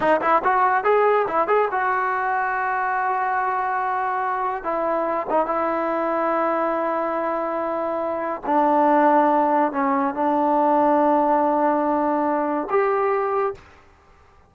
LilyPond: \new Staff \with { instrumentName = "trombone" } { \time 4/4 \tempo 4 = 142 dis'8 e'8 fis'4 gis'4 e'8 gis'8 | fis'1~ | fis'2. e'4~ | e'8 dis'8 e'2.~ |
e'1 | d'2. cis'4 | d'1~ | d'2 g'2 | }